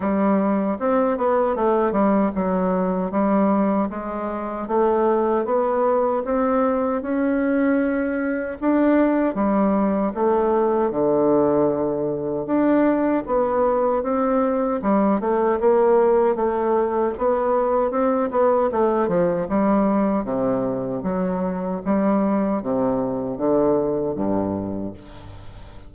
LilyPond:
\new Staff \with { instrumentName = "bassoon" } { \time 4/4 \tempo 4 = 77 g4 c'8 b8 a8 g8 fis4 | g4 gis4 a4 b4 | c'4 cis'2 d'4 | g4 a4 d2 |
d'4 b4 c'4 g8 a8 | ais4 a4 b4 c'8 b8 | a8 f8 g4 c4 fis4 | g4 c4 d4 g,4 | }